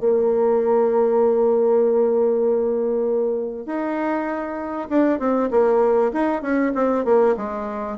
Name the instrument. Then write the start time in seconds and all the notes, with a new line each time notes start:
bassoon
0.00 A#3
3.66 D#4
4.89 D4
5.19 C4
5.51 A#3
6.13 D#4
6.42 C#4
6.75 C4
7.05 A#3
7.37 G#3